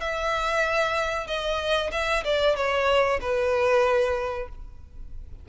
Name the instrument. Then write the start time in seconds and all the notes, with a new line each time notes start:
violin
0.00 E5
1.26 D#5
1.91 E5
2.24 D5
2.56 C#5
3.21 B4